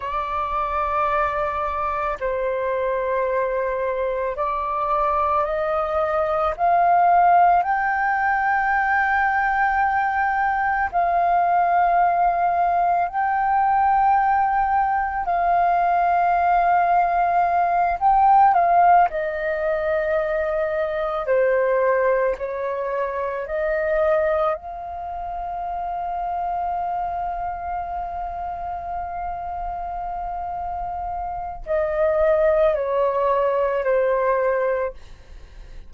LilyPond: \new Staff \with { instrumentName = "flute" } { \time 4/4 \tempo 4 = 55 d''2 c''2 | d''4 dis''4 f''4 g''4~ | g''2 f''2 | g''2 f''2~ |
f''8 g''8 f''8 dis''2 c''8~ | c''8 cis''4 dis''4 f''4.~ | f''1~ | f''4 dis''4 cis''4 c''4 | }